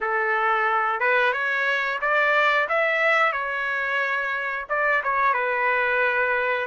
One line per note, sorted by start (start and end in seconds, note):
0.00 1.00 A4
1.00 1.32 B4
1.32 1.99 C#5
2.01 2.68 D5
2.68 3.32 E5
3.32 4.65 C#5
4.68 5.02 D5
5.03 5.33 C#5
5.33 6.66 B4